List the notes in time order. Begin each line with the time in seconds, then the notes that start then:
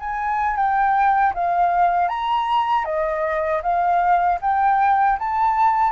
0.00 G#5
0.57 G5
1.34 F5
2.09 A#5
2.85 D#5
3.63 F5
4.42 G5
5.19 A5